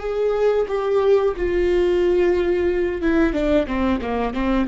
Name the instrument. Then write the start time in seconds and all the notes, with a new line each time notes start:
viola
0.00 G#4
0.68 G4
1.37 F4
3.02 E4
3.33 D4
3.67 C4
4.02 A#3
4.34 C4